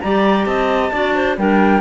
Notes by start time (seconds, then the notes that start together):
0.00 G3 G4 D5 A#5
0.45 C4 D#5 A5
0.92 D4 F#4 D5
1.15 C5
1.37 G3 D4 A#4 G5